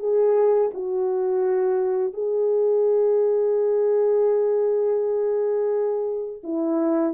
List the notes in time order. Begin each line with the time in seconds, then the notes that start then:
0.00 G#4
0.74 F#4
2.14 G#4
6.44 E4